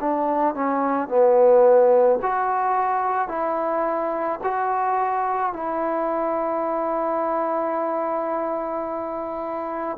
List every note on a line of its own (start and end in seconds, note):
0.00 0.55 D4
0.55 1.08 C#4
1.08 2.19 B3
2.22 3.28 F#4
3.28 4.39 E4
4.43 5.53 F#4
5.53 9.97 E4